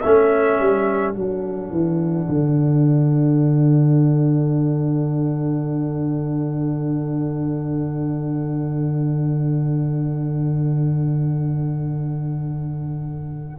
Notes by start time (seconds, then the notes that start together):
0.00 A3 C#4 A4 E5
0.59 G3
1.13 F#3 D4 F#5
1.71 E3
2.28 D3